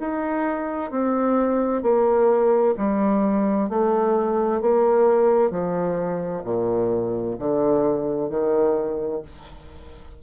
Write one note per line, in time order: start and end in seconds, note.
0.00 0.91 D#4
0.91 1.83 C4
1.83 2.75 A#3
2.77 3.70 G3
3.70 4.62 A3
4.62 5.51 A#3
5.51 6.43 F3
6.44 7.37 A#2
7.39 8.30 D3
8.30 9.23 D#3